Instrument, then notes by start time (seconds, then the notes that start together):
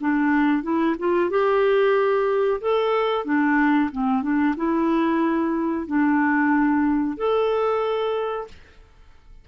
clarinet
0.00 D4
0.63 E4
0.98 F4
1.30 G4
2.60 A4
3.25 D4
3.91 C4
4.22 D4
4.56 E4
5.86 D4
7.17 A4